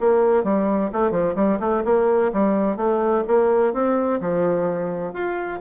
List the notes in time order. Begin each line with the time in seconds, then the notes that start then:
0.00 A#3
0.43 G3
0.92 A3
1.11 F3
1.35 G3
1.60 A3
1.85 A#3
2.33 G3
2.77 A3
3.27 A#3
3.73 C4
4.20 F3
5.13 F4